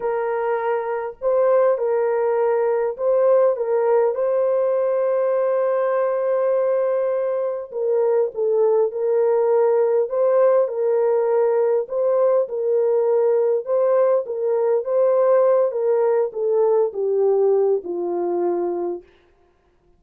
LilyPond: \new Staff \with { instrumentName = "horn" } { \time 4/4 \tempo 4 = 101 ais'2 c''4 ais'4~ | ais'4 c''4 ais'4 c''4~ | c''1~ | c''4 ais'4 a'4 ais'4~ |
ais'4 c''4 ais'2 | c''4 ais'2 c''4 | ais'4 c''4. ais'4 a'8~ | a'8 g'4. f'2 | }